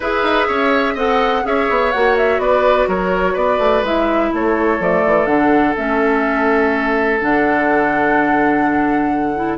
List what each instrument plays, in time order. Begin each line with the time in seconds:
0.00 bassoon E4, clarinet G#4, oboe B4, flute E5
0.22 bassoon D#4
0.47 bassoon C#4, oboe C#5
0.93 bassoon C4, clarinet A4, oboe D#5, flute F#5
1.43 bassoon C#4, clarinet G#4, oboe C#5, flute E5
1.69 bassoon B3
1.91 bassoon A#3, clarinet F#4, flute F#5
2.17 flute E5
2.38 bassoon B3, oboe B4, flute D5
2.87 bassoon F#3, oboe A#4, flute C#5
3.33 bassoon B3, oboe B4, flute D5
3.58 bassoon A3
3.82 bassoon G#3, clarinet E4, flute E5
4.33 bassoon A3, oboe A4, flute C#5
4.79 bassoon F3, clarinet A3, flute D5
5.06 bassoon E3
5.26 bassoon D3, clarinet D4, flute F#5
5.76 bassoon A3, clarinet C#4, flute E5
7.19 bassoon D3, clarinet D4, flute F#5
9.36 clarinet E4